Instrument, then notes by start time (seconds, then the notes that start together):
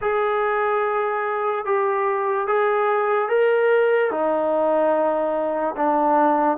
trombone
0.01 G#4
1.65 G4
2.47 G#4
3.29 A#4
4.11 D#4
5.76 D4